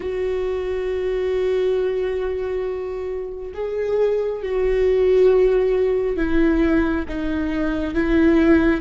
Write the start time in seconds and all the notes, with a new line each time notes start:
0.00 F#4
3.54 G#4
4.42 F#4
6.16 E4
7.08 D#4
7.94 E4